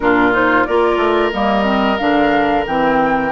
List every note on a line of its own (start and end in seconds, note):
0.00 0.66 A#2
0.00 0.32 D4
0.00 0.67 F4
0.00 0.33 A#4
0.32 0.65 D#4
0.32 0.64 C5
0.64 0.97 A#3
0.64 1.33 F4
0.64 3.31 A#4
0.64 1.31 D5
0.97 1.30 A3
1.32 1.99 G3
1.32 1.63 A#3
1.32 1.97 D#5
1.63 1.96 C4
1.97 2.66 D3
1.97 2.66 D4
1.97 2.64 F5
2.67 3.31 E3
2.67 3.31 C4
2.67 3.31 G5